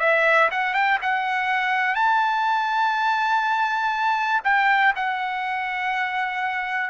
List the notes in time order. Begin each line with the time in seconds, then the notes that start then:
0.00 E5
0.51 F#5
0.74 G5
1.02 F#5
1.95 A5
4.44 G5
4.96 F#5